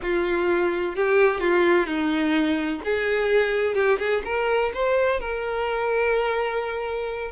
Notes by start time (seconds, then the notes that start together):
0.02 F4
0.95 G4
1.40 F4
1.86 D#4
2.84 G#4
3.74 G4
3.98 G#4
4.25 A#4
4.74 C5
5.20 A#4